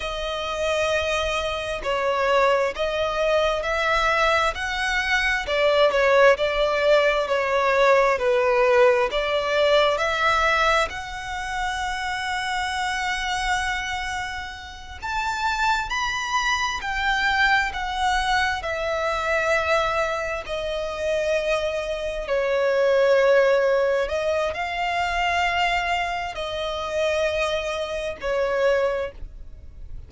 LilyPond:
\new Staff \with { instrumentName = "violin" } { \time 4/4 \tempo 4 = 66 dis''2 cis''4 dis''4 | e''4 fis''4 d''8 cis''8 d''4 | cis''4 b'4 d''4 e''4 | fis''1~ |
fis''8 a''4 b''4 g''4 fis''8~ | fis''8 e''2 dis''4.~ | dis''8 cis''2 dis''8 f''4~ | f''4 dis''2 cis''4 | }